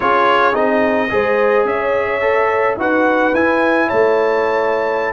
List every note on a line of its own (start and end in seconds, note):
0.00 0.55 C#4
0.00 0.53 F4
0.00 1.11 G#4
0.00 0.55 C#5
0.53 1.11 C4
0.53 1.08 D#4
0.53 1.66 D#5
1.10 1.64 G#3
1.10 2.21 G#4
1.10 1.68 C5
1.64 2.75 C#4
1.64 2.79 C#5
1.64 2.77 E5
2.21 2.77 A4
2.76 3.32 D#4
2.76 3.34 F#4
2.76 3.87 B4
2.76 3.34 F#5
3.33 3.89 E4
3.33 5.13 E4
3.33 3.89 G#5
3.87 5.13 A3
3.87 5.12 C#5
3.87 5.13 A5